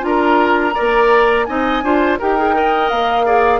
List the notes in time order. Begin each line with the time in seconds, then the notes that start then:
0.00 D4 F4 A#5
0.06 A#4
0.74 A#3 A#4 D5
1.45 C4 D#4 D#5 G#5
1.82 D4 F4 C5
2.19 D#4 G4 A#4 G5
2.38 G#4
2.53 A#4 D#5
2.89 A#3 F5
3.25 G#4 D5